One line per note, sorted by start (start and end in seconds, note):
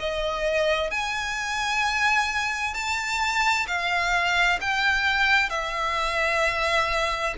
0.00 0.91 D#5
0.91 2.74 G#5
2.74 3.66 A5
3.67 4.59 F5
4.61 5.50 G5
5.50 7.34 E5